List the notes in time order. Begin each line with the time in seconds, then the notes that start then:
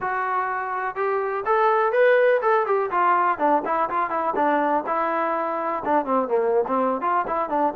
0.00 F#4
0.95 G4
1.45 A4
1.92 B4
2.42 A4
2.66 G4
2.91 F4
3.38 D4
3.65 E4
3.89 F4
4.10 E4
4.35 D4
4.86 E4
5.84 D4
6.05 C4
6.27 A#3
6.67 C4
7.01 F4
7.27 E4
7.49 D4